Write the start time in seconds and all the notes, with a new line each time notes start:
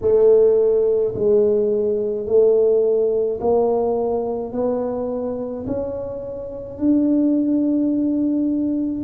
0.01 A3
1.14 G#3
2.26 A3
3.40 A#3
4.52 B3
5.66 C#4
6.78 D4